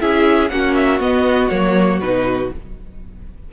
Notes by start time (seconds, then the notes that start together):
0.00 C#4 E4 G#4 E5
0.49 A#3 C#4 F#4 F#5
0.75 E5
0.99 B3 D#5
1.49 F#3 A#3 C#5
2.00 B2 D#4 B4